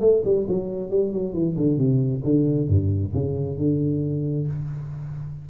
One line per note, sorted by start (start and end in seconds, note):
0.00 0.22 A3
0.24 0.47 G3
0.48 0.90 F#3
0.90 1.12 G3
1.12 1.33 F#3
1.33 1.56 E3
1.57 1.77 D3
1.77 2.22 C3
2.24 2.68 D3
2.68 3.13 G2
3.13 3.57 C#3
3.57 4.47 D3